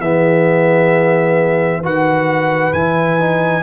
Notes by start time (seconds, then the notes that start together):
0.00 E3 B3 G#4 E5
1.81 D#3 F#4 B4 F#5
2.73 E3 E4 G#5
3.20 D#4